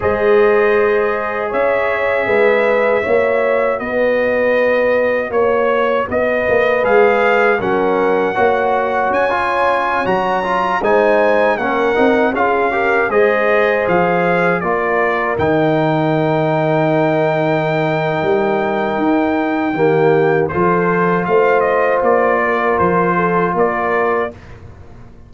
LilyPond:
<<
  \new Staff \with { instrumentName = "trumpet" } { \time 4/4 \tempo 4 = 79 dis''2 e''2~ | e''4 dis''2 cis''4 | dis''4 f''4 fis''2 | gis''4~ gis''16 ais''4 gis''4 fis''8.~ |
fis''16 f''4 dis''4 f''4 d''8.~ | d''16 g''2.~ g''8.~ | g''2. c''4 | f''8 dis''8 d''4 c''4 d''4 | }
  \new Staff \with { instrumentName = "horn" } { \time 4/4 c''2 cis''4 b'4 | cis''4 b'2 cis''4 | b'2 ais'4 cis''4~ | cis''2~ cis''16 c''4 ais'8.~ |
ais'16 gis'8 ais'8 c''2 ais'8.~ | ais'1~ | ais'2 g'4 a'4 | c''4. ais'4 a'8 ais'4 | }
  \new Staff \with { instrumentName = "trombone" } { \time 4/4 gis'1 | fis'1~ | fis'4 gis'4 cis'4 fis'4~ | fis'16 f'4 fis'8 f'8 dis'4 cis'8 dis'16~ |
dis'16 f'8 g'8 gis'2 f'8.~ | f'16 dis'2.~ dis'8.~ | dis'2 ais4 f'4~ | f'1 | }
  \new Staff \with { instrumentName = "tuba" } { \time 4/4 gis2 cis'4 gis4 | ais4 b2 ais4 | b8 ais8 gis4 fis4 ais4 | cis'4~ cis'16 fis4 gis4 ais8 c'16~ |
c'16 cis'4 gis4 f4 ais8.~ | ais16 dis2.~ dis8. | g4 dis'4 dis4 f4 | a4 ais4 f4 ais4 | }
>>